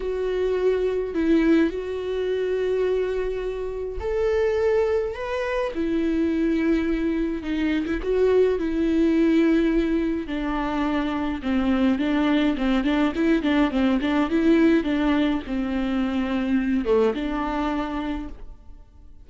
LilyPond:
\new Staff \with { instrumentName = "viola" } { \time 4/4 \tempo 4 = 105 fis'2 e'4 fis'4~ | fis'2. a'4~ | a'4 b'4 e'2~ | e'4 dis'8. e'16 fis'4 e'4~ |
e'2 d'2 | c'4 d'4 c'8 d'8 e'8 d'8 | c'8 d'8 e'4 d'4 c'4~ | c'4. a8 d'2 | }